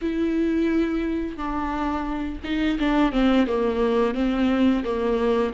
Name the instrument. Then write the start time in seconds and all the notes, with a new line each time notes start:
viola
0.01 E4
1.36 D4
2.44 D#4
2.79 D4
3.12 C4
3.46 A#3
4.14 C4
4.84 A#3